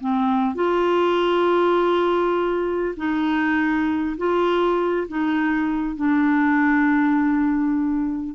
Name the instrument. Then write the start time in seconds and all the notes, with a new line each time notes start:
clarinet
0.00 C4
0.55 F4
2.96 D#4
4.17 F4
5.08 D#4
5.96 D4